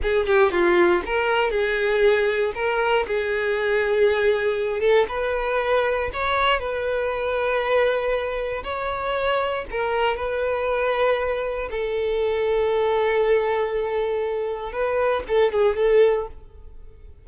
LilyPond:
\new Staff \with { instrumentName = "violin" } { \time 4/4 \tempo 4 = 118 gis'8 g'8 f'4 ais'4 gis'4~ | gis'4 ais'4 gis'2~ | gis'4. a'8 b'2 | cis''4 b'2.~ |
b'4 cis''2 ais'4 | b'2. a'4~ | a'1~ | a'4 b'4 a'8 gis'8 a'4 | }